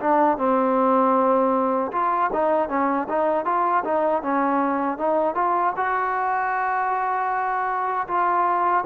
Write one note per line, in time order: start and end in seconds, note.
0.00 0.37 D4
0.37 1.91 C4
1.92 2.30 F4
2.33 2.69 D#4
2.69 3.07 C#4
3.08 3.45 D#4
3.45 3.84 F4
3.84 4.22 D#4
4.22 4.98 C#4
4.98 5.35 D#4
5.35 5.73 F4
5.76 8.07 F#4
8.07 8.84 F4